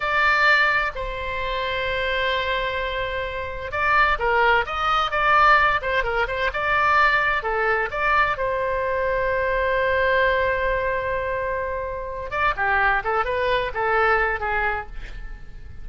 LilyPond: \new Staff \with { instrumentName = "oboe" } { \time 4/4 \tempo 4 = 129 d''2 c''2~ | c''1 | d''4 ais'4 dis''4 d''4~ | d''8 c''8 ais'8 c''8 d''2 |
a'4 d''4 c''2~ | c''1~ | c''2~ c''8 d''8 g'4 | a'8 b'4 a'4. gis'4 | }